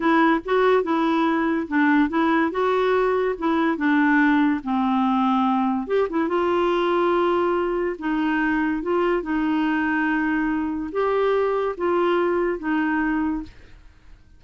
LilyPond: \new Staff \with { instrumentName = "clarinet" } { \time 4/4 \tempo 4 = 143 e'4 fis'4 e'2 | d'4 e'4 fis'2 | e'4 d'2 c'4~ | c'2 g'8 e'8 f'4~ |
f'2. dis'4~ | dis'4 f'4 dis'2~ | dis'2 g'2 | f'2 dis'2 | }